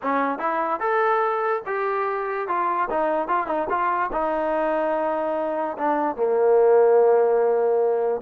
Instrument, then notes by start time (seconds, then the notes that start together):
trombone
0.02 C#4
0.38 E4
0.80 A4
1.66 G4
2.48 F4
2.90 D#4
3.28 F4
3.47 D#4
3.69 F4
4.12 D#4
5.77 D4
6.16 A#3